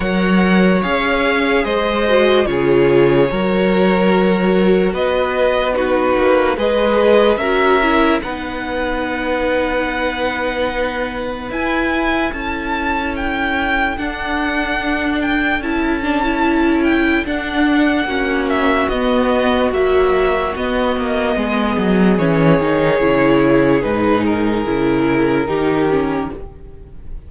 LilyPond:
<<
  \new Staff \with { instrumentName = "violin" } { \time 4/4 \tempo 4 = 73 fis''4 f''4 dis''4 cis''4~ | cis''2 dis''4 b'4 | dis''4 e''4 fis''2~ | fis''2 gis''4 a''4 |
g''4 fis''4. g''8 a''4~ | a''8 g''8 fis''4. e''8 dis''4 | e''4 dis''2 cis''4~ | cis''4 b'8 ais'2~ ais'8 | }
  \new Staff \with { instrumentName = "violin" } { \time 4/4 cis''2 c''4 gis'4 | ais'2 b'4 fis'4 | b'4 ais'4 b'2~ | b'2. a'4~ |
a'1~ | a'2 fis'2~ | fis'2 gis'2~ | gis'2. g'4 | }
  \new Staff \with { instrumentName = "viola" } { \time 4/4 ais'4 gis'4. fis'8 f'4 | fis'2. dis'4 | gis'4 fis'8 e'8 dis'2~ | dis'2 e'2~ |
e'4 d'2 e'8 d'16 e'16~ | e'4 d'4 cis'4 b4 | fis4 b2 cis'8 dis'8 | e'4 dis'4 e'4 dis'8 cis'8 | }
  \new Staff \with { instrumentName = "cello" } { \time 4/4 fis4 cis'4 gis4 cis4 | fis2 b4. ais8 | gis4 cis'4 b2~ | b2 e'4 cis'4~ |
cis'4 d'2 cis'4~ | cis'4 d'4 ais4 b4 | ais4 b8 ais8 gis8 fis8 e8 dis8 | cis4 gis,4 cis4 dis4 | }
>>